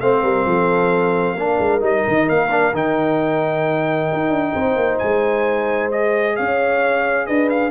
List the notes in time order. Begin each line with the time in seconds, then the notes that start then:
0.00 A3 C4 C5 F5
0.22 G3 A#4
0.45 F3 A4
1.34 A#3 D4 A#4
1.59 G#3
1.80 G3 D#4 D#5
2.07 D#3
2.29 A#3 F5
2.50 D4
2.73 D#3 D#4 G5
4.13 D#4
4.29 D4
4.54 C4 C5
4.76 A#3
4.98 G#3 G#5
5.91 G#4 D#5
6.36 C#4 C#5 F5
7.26 D4 B4 D#5
7.50 F5